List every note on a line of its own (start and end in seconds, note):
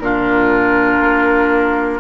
0.00 1.00 A#2
0.00 2.00 D4
0.00 2.00 F4
0.00 2.00 A#4
1.00 2.00 A#3